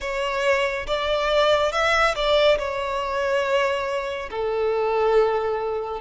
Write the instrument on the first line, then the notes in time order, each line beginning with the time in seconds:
violin
0.00 C#5
0.86 D5
1.71 E5
2.15 D5
2.58 C#5
4.30 A4